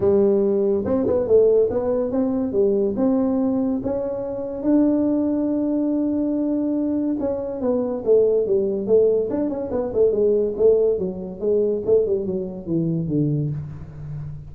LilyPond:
\new Staff \with { instrumentName = "tuba" } { \time 4/4 \tempo 4 = 142 g2 c'8 b8 a4 | b4 c'4 g4 c'4~ | c'4 cis'2 d'4~ | d'1~ |
d'4 cis'4 b4 a4 | g4 a4 d'8 cis'8 b8 a8 | gis4 a4 fis4 gis4 | a8 g8 fis4 e4 d4 | }